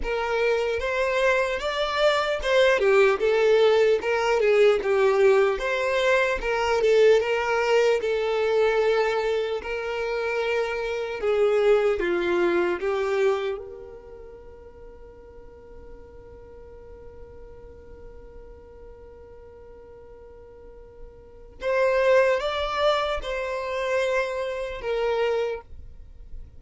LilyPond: \new Staff \with { instrumentName = "violin" } { \time 4/4 \tempo 4 = 75 ais'4 c''4 d''4 c''8 g'8 | a'4 ais'8 gis'8 g'4 c''4 | ais'8 a'8 ais'4 a'2 | ais'2 gis'4 f'4 |
g'4 ais'2.~ | ais'1~ | ais'2. c''4 | d''4 c''2 ais'4 | }